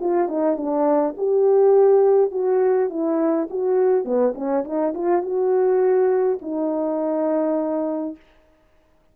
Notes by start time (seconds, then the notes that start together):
0.00 F4
0.28 D#4
0.56 D4
1.17 G4
2.31 F#4
2.89 E4
3.50 F#4
4.04 B3
4.35 C#4
4.64 D#4
4.94 F4
5.22 F#4
6.41 D#4